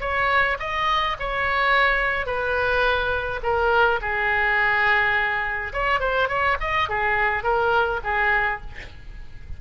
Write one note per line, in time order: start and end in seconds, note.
0.00 0.57 C#5
0.59 1.16 D#5
1.19 2.26 C#5
2.26 3.40 B4
3.43 4.00 A#4
4.01 5.72 G#4
5.73 5.99 C#5
5.99 6.28 C5
6.28 6.57 C#5
6.60 6.89 D#5
6.89 7.43 G#4
7.43 8.00 A#4
8.04 8.61 G#4